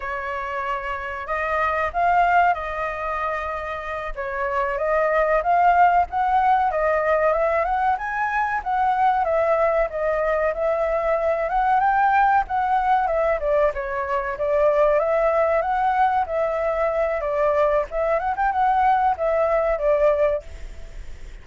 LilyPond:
\new Staff \with { instrumentName = "flute" } { \time 4/4 \tempo 4 = 94 cis''2 dis''4 f''4 | dis''2~ dis''8 cis''4 dis''8~ | dis''8 f''4 fis''4 dis''4 e''8 | fis''8 gis''4 fis''4 e''4 dis''8~ |
dis''8 e''4. fis''8 g''4 fis''8~ | fis''8 e''8 d''8 cis''4 d''4 e''8~ | e''8 fis''4 e''4. d''4 | e''8 fis''16 g''16 fis''4 e''4 d''4 | }